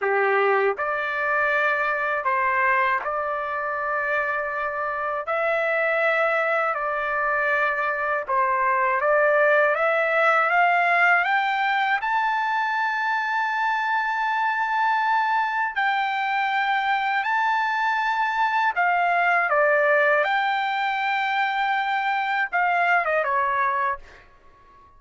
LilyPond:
\new Staff \with { instrumentName = "trumpet" } { \time 4/4 \tempo 4 = 80 g'4 d''2 c''4 | d''2. e''4~ | e''4 d''2 c''4 | d''4 e''4 f''4 g''4 |
a''1~ | a''4 g''2 a''4~ | a''4 f''4 d''4 g''4~ | g''2 f''8. dis''16 cis''4 | }